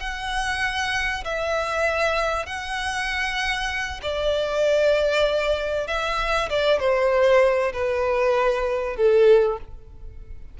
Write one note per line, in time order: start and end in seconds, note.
0.00 1.24 F#5
1.24 2.46 E5
2.46 4.00 F#5
4.02 5.87 D5
5.87 6.49 E5
6.50 6.79 D5
6.79 7.72 C5
7.73 8.96 B4
8.96 9.58 A4